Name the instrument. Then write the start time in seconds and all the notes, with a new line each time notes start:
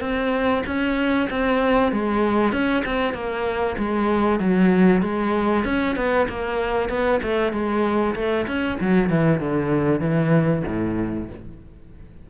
cello
0.00 C4
0.66 C#4
1.30 C4
1.92 G#3
2.52 C#4
2.85 C4
3.13 A#3
3.78 G#3
4.39 F#3
5.02 G#3
5.64 C#4
5.96 B3
6.29 A#3
6.89 B3
7.22 A3
7.52 G#3
8.15 A3
8.47 C#4
8.80 F#3
9.09 E3
9.39 D3
10.00 E3
10.67 A2